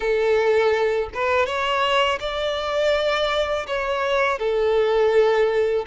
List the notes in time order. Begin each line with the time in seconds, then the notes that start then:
0.00 A4
1.13 B4
1.45 C#5
2.20 D5
3.66 C#5
4.38 A4